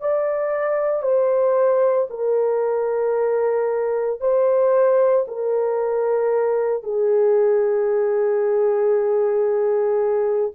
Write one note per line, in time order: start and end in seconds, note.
0.00 1.02 D5
1.02 2.08 C5
2.10 4.21 A#4
4.21 5.26 C5
5.27 6.83 A#4
6.83 10.52 G#4